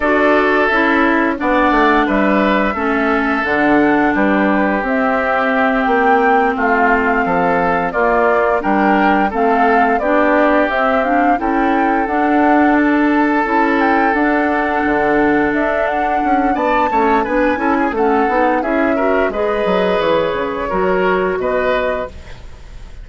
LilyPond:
<<
  \new Staff \with { instrumentName = "flute" } { \time 4/4 \tempo 4 = 87 d''4 e''4 fis''4 e''4~ | e''4 fis''4 b'4 e''4~ | e''8 g''4 f''2 d''8~ | d''8 g''4 f''4 d''4 e''8 |
f''8 g''4 fis''4 a''4. | g''8 fis''2 e''8 fis''4 | a''4 gis''4 fis''4 e''4 | dis''4 cis''2 dis''4 | }
  \new Staff \with { instrumentName = "oboe" } { \time 4/4 a'2 d''4 b'4 | a'2 g'2~ | g'4. f'4 a'4 f'8~ | f'8 ais'4 a'4 g'4.~ |
g'8 a'2.~ a'8~ | a'1 | d''8 cis''8 b'8 a'16 gis'16 a'4 gis'8 ais'8 | b'2 ais'4 b'4 | }
  \new Staff \with { instrumentName = "clarinet" } { \time 4/4 fis'4 e'4 d'2 | cis'4 d'2 c'4~ | c'2.~ c'8 ais8~ | ais8 d'4 c'4 d'4 c'8 |
d'8 e'4 d'2 e'8~ | e'8 d'2.~ d'8~ | d'8 cis'8 d'8 e'8 cis'8 dis'8 e'8 fis'8 | gis'2 fis'2 | }
  \new Staff \with { instrumentName = "bassoon" } { \time 4/4 d'4 cis'4 b8 a8 g4 | a4 d4 g4 c'4~ | c'8 ais4 a4 f4 ais8~ | ais8 g4 a4 b4 c'8~ |
c'8 cis'4 d'2 cis'8~ | cis'8 d'4 d4 d'4 cis'8 | b8 a8 b8 cis'8 a8 b8 cis'4 | gis8 fis8 e8 cis8 fis4 b,4 | }
>>